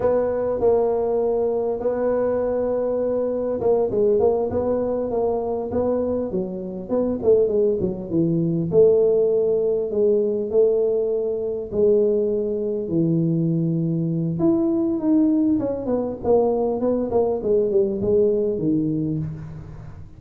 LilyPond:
\new Staff \with { instrumentName = "tuba" } { \time 4/4 \tempo 4 = 100 b4 ais2 b4~ | b2 ais8 gis8 ais8 b8~ | b8 ais4 b4 fis4 b8 | a8 gis8 fis8 e4 a4.~ |
a8 gis4 a2 gis8~ | gis4. e2~ e8 | e'4 dis'4 cis'8 b8 ais4 | b8 ais8 gis8 g8 gis4 dis4 | }